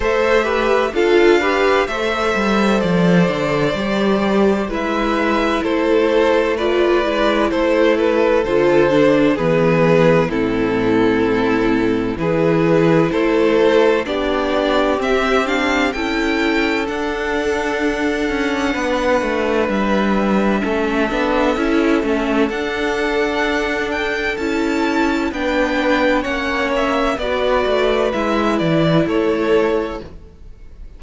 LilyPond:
<<
  \new Staff \with { instrumentName = "violin" } { \time 4/4 \tempo 4 = 64 e''4 f''4 e''4 d''4~ | d''4 e''4 c''4 d''4 | c''8 b'8 c''4 b'4 a'4~ | a'4 b'4 c''4 d''4 |
e''8 f''8 g''4 fis''2~ | fis''4 e''2. | fis''4. g''8 a''4 g''4 | fis''8 e''8 d''4 e''8 d''8 cis''4 | }
  \new Staff \with { instrumentName = "violin" } { \time 4/4 c''8 b'8 a'8 b'8 c''2~ | c''4 b'4 a'4 b'4 | a'2 gis'4 e'4~ | e'4 gis'4 a'4 g'4~ |
g'4 a'2. | b'2 a'2~ | a'2. b'4 | cis''4 b'2 a'4 | }
  \new Staff \with { instrumentName = "viola" } { \time 4/4 a'8 g'8 f'8 g'8 a'2 | g'4 e'2 f'8 e'8~ | e'4 f'8 d'8 b4 c'4~ | c'4 e'2 d'4 |
c'8 d'8 e'4 d'2~ | d'2 cis'8 d'8 e'8 cis'8 | d'2 e'4 d'4 | cis'4 fis'4 e'2 | }
  \new Staff \with { instrumentName = "cello" } { \time 4/4 a4 d'4 a8 g8 f8 d8 | g4 gis4 a4. gis8 | a4 d4 e4 a,4~ | a,4 e4 a4 b4 |
c'4 cis'4 d'4. cis'8 | b8 a8 g4 a8 b8 cis'8 a8 | d'2 cis'4 b4 | ais4 b8 a8 gis8 e8 a4 | }
>>